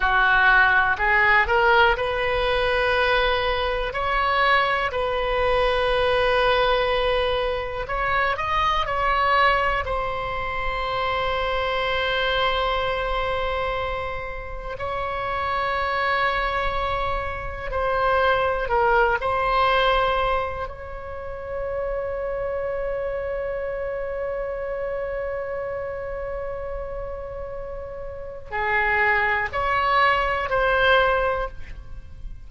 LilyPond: \new Staff \with { instrumentName = "oboe" } { \time 4/4 \tempo 4 = 61 fis'4 gis'8 ais'8 b'2 | cis''4 b'2. | cis''8 dis''8 cis''4 c''2~ | c''2. cis''4~ |
cis''2 c''4 ais'8 c''8~ | c''4 cis''2.~ | cis''1~ | cis''4 gis'4 cis''4 c''4 | }